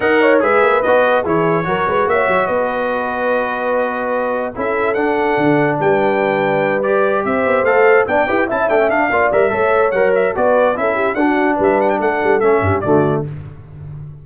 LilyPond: <<
  \new Staff \with { instrumentName = "trumpet" } { \time 4/4 \tempo 4 = 145 fis''4 e''4 dis''4 cis''4~ | cis''4 e''4 dis''2~ | dis''2. e''4 | fis''2 g''2~ |
g''8 d''4 e''4 f''4 g''8~ | g''8 a''8 g''8 f''4 e''4. | fis''8 e''8 d''4 e''4 fis''4 | e''8 fis''16 g''16 fis''4 e''4 d''4 | }
  \new Staff \with { instrumentName = "horn" } { \time 4/4 dis''8 cis''8 b'2 gis'4 | ais'8 b'8 cis''4 b'2~ | b'2. a'4~ | a'2 b'2~ |
b'4. c''2 d''8 | b'8 e''4. d''4 cis''4~ | cis''4 b'4 a'8 g'8 fis'4 | b'4 a'4. g'8 fis'4 | }
  \new Staff \with { instrumentName = "trombone" } { \time 4/4 ais'4 gis'4 fis'4 e'4 | fis'1~ | fis'2. e'4 | d'1~ |
d'8 g'2 a'4 d'8 | g'8 e'8 d'16 cis'16 d'8 f'8 ais'8 a'4 | ais'4 fis'4 e'4 d'4~ | d'2 cis'4 a4 | }
  \new Staff \with { instrumentName = "tuba" } { \time 4/4 dis'4 gis8 ais8 b4 e4 | fis8 gis8 ais8 fis8 b2~ | b2. cis'4 | d'4 d4 g2~ |
g4. c'8 b8 a4 b8 | e'8 cis'8 a8 d'8 ais8 g8 a4 | fis4 b4 cis'4 d'4 | g4 a8 g8 a8 g,8 d4 | }
>>